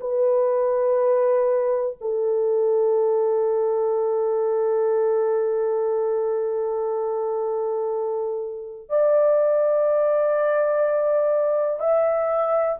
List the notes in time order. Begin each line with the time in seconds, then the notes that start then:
0.00 B4
2.01 A4
8.89 D5
11.79 E5